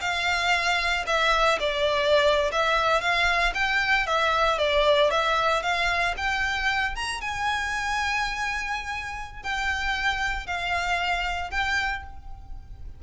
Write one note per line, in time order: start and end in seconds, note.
0.00 1.04 F5
1.06 1.58 E5
1.59 2.51 D5
2.51 3.00 E5
3.00 3.53 F5
3.54 4.06 G5
4.06 4.58 E5
4.58 5.10 D5
5.10 5.62 E5
5.62 6.14 F5
6.17 6.95 G5
6.95 7.21 A#5
7.21 9.42 G#5
9.43 10.46 G5
10.46 11.50 F5
11.50 12.03 G5